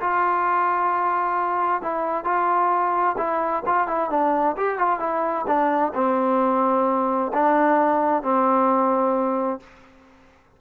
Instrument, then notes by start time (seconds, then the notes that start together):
trombone
0.00 F4
1.82 E4
2.24 F4
3.17 E4
3.66 F4
3.87 E4
4.10 D4
4.57 G4
4.78 F4
4.99 E4
5.47 D4
5.94 C4
7.33 D4
8.22 C4